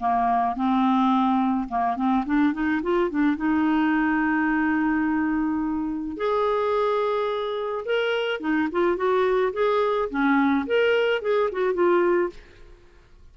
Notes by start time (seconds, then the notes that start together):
0.00 A#3
0.56 C4
1.69 A#3
1.97 C4
2.26 D4
2.54 D#4
2.83 F4
3.10 D4
3.37 D#4
6.17 G#4
7.86 A#4
8.40 D#4
8.72 F4
8.97 F#4
9.54 G#4
10.10 C#4
10.67 A#4
11.22 G#4
11.52 F#4
11.74 F4